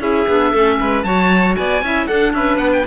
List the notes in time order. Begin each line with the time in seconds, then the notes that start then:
0.00 C#4 E4 G#4 E5
0.27 B3 D4
0.52 A3 C#4 A4
0.80 G#3 B4
1.03 F#3 F#4 C#5 A5
1.56 B3 D5 G#5
1.82 C#4 E4 E5
2.07 D4 A4 F#5
2.33 C#4 B4 E5
2.57 B3 F#5
2.73 G5